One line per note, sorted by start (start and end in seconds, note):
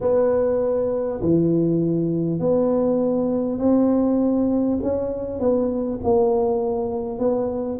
0.00 1.20 B3
1.21 2.39 E3
2.39 3.58 B3
3.58 4.78 C4
4.82 5.39 C#4
5.39 5.99 B3
6.03 7.18 A#3
7.18 7.78 B3